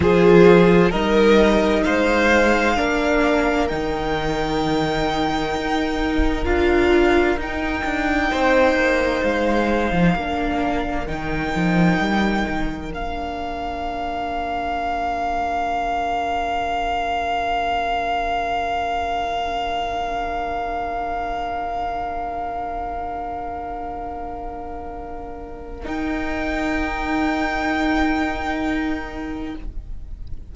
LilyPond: <<
  \new Staff \with { instrumentName = "violin" } { \time 4/4 \tempo 4 = 65 c''4 dis''4 f''2 | g''2. f''4 | g''2 f''2 | g''2 f''2~ |
f''1~ | f''1~ | f''1 | g''1 | }
  \new Staff \with { instrumentName = "violin" } { \time 4/4 gis'4 ais'4 c''4 ais'4~ | ais'1~ | ais'4 c''2 ais'4~ | ais'1~ |
ais'1~ | ais'1~ | ais'1~ | ais'1 | }
  \new Staff \with { instrumentName = "viola" } { \time 4/4 f'4 dis'2 d'4 | dis'2. f'4 | dis'2. d'4 | dis'2 d'2~ |
d'1~ | d'1~ | d'1 | dis'1 | }
  \new Staff \with { instrumentName = "cello" } { \time 4/4 f4 g4 gis4 ais4 | dis2 dis'4 d'4 | dis'8 d'8 c'8 ais8 gis8. f16 ais4 | dis8 f8 g8 dis8 ais2~ |
ais1~ | ais1~ | ais1 | dis'1 | }
>>